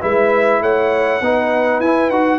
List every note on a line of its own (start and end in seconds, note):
0.00 0.61 G#3
0.00 1.20 E4
0.00 0.60 B4
0.00 0.62 E5
0.61 1.21 A3
0.61 1.22 C#5
0.61 1.80 F#5
1.21 1.79 B3
1.21 1.83 D#4
1.21 2.39 B4
1.79 2.09 E4
1.79 2.12 E4
1.79 2.10 G#5
2.09 2.39 D#4
2.09 2.39 F#4
2.09 2.39 F#5